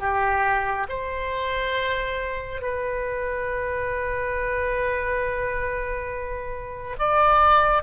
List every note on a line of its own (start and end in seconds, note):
0.00 0.87 G4
0.89 2.62 C5
2.62 6.97 B4
6.99 7.83 D5